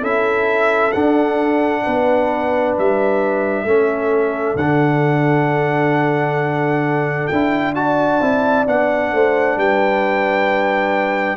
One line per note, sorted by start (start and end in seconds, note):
0.00 0.92 C#4
0.00 0.92 E4
0.00 1.82 A4
0.00 0.91 E5
0.91 1.85 D4
0.91 3.66 D4
0.91 2.73 F#5
1.83 2.77 B3
1.83 3.65 B4
2.78 3.64 G3
2.78 4.56 E5
3.64 4.55 A3
3.64 4.57 C#4
3.64 7.75 A4
4.55 7.28 D3
4.55 7.32 D4
4.55 7.27 F#5
7.27 8.21 D4
7.27 7.75 E4
7.27 7.73 G5
7.75 8.20 F#4
7.75 9.13 D5
7.75 8.66 A5
8.21 8.66 C4
8.21 8.65 E4
8.65 9.12 B3
8.65 11.36 D4
8.65 9.58 F#5
9.12 9.56 A3
9.12 9.56 C5
9.56 11.36 G3
9.56 11.36 B4
9.56 11.36 G5